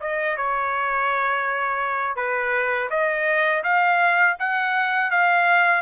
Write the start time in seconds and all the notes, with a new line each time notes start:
0.00 D#5
0.37 C#5
2.16 B4
2.90 D#5
3.64 F5
4.39 F#5
5.11 F5